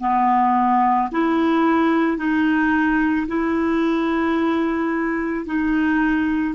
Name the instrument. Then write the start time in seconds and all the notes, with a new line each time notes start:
clarinet
0.00 B3
1.12 E4
2.18 D#4
3.28 E4
5.46 D#4